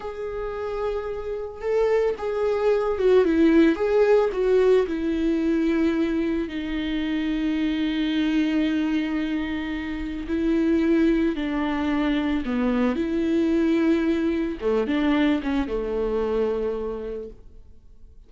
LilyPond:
\new Staff \with { instrumentName = "viola" } { \time 4/4 \tempo 4 = 111 gis'2. a'4 | gis'4. fis'8 e'4 gis'4 | fis'4 e'2. | dis'1~ |
dis'2. e'4~ | e'4 d'2 b4 | e'2. a8 d'8~ | d'8 cis'8 a2. | }